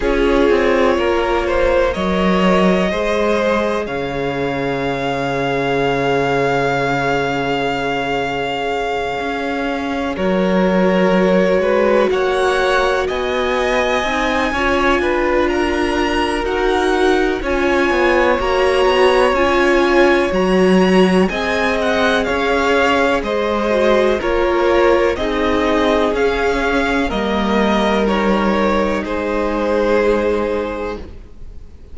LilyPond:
<<
  \new Staff \with { instrumentName = "violin" } { \time 4/4 \tempo 4 = 62 cis''2 dis''2 | f''1~ | f''2~ f''8 cis''4.~ | cis''8 fis''4 gis''2~ gis''8 |
ais''4 fis''4 gis''4 ais''4 | gis''4 ais''4 gis''8 fis''8 f''4 | dis''4 cis''4 dis''4 f''4 | dis''4 cis''4 c''2 | }
  \new Staff \with { instrumentName = "violin" } { \time 4/4 gis'4 ais'8 c''8 cis''4 c''4 | cis''1~ | cis''2~ cis''8 ais'4. | b'8 cis''4 dis''4. cis''8 b'8 |
ais'2 cis''2~ | cis''2 dis''4 cis''4 | c''4 ais'4 gis'2 | ais'2 gis'2 | }
  \new Staff \with { instrumentName = "viola" } { \time 4/4 f'2 ais'4 gis'4~ | gis'1~ | gis'2~ gis'8 fis'4.~ | fis'2~ fis'8 dis'8 f'4~ |
f'4 fis'4 f'4 fis'4 | f'4 fis'4 gis'2~ | gis'8 fis'8 f'4 dis'4 cis'4 | ais4 dis'2. | }
  \new Staff \with { instrumentName = "cello" } { \time 4/4 cis'8 c'8 ais4 fis4 gis4 | cis1~ | cis4. cis'4 fis4. | gis8 ais4 b4 c'8 cis'8 d'8~ |
d'4 dis'4 cis'8 b8 ais8 b8 | cis'4 fis4 c'4 cis'4 | gis4 ais4 c'4 cis'4 | g2 gis2 | }
>>